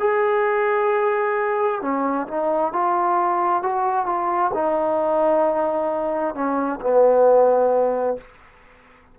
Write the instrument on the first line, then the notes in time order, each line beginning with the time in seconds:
trombone
0.00 G#4
1.82 C#4
2.28 D#4
2.73 F4
3.63 F#4
4.06 F4
4.54 D#4
6.35 C#4
6.81 B3